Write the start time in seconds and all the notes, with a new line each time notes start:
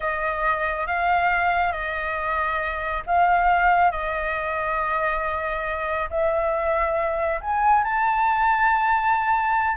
0.00 D#5
0.87 F5
1.72 D#5
3.06 F5
3.91 D#5
6.09 E5
7.40 G#5
7.83 A5